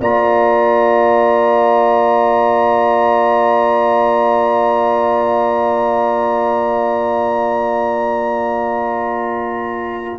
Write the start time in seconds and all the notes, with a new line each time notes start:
0.00 A#3 F4 D5 A#5